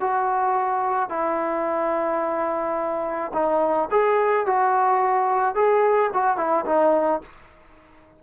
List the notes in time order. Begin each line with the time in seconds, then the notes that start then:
0.00 F#4
1.09 E4
3.33 D#4
3.90 G#4
4.46 F#4
5.55 G#4
6.13 F#4
6.37 E4
6.65 D#4